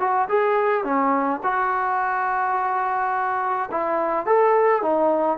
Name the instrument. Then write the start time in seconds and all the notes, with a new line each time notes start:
trombone
0.00 F#4
0.29 G#4
0.84 C#4
1.44 F#4
3.72 E4
4.27 A4
4.82 D#4